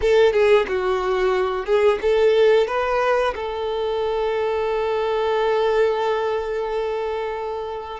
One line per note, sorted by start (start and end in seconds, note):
0.01 0.32 A4
0.32 0.65 G#4
0.68 1.65 F#4
1.65 1.98 G#4
2.01 2.67 A4
2.67 3.33 B4
3.35 8.00 A4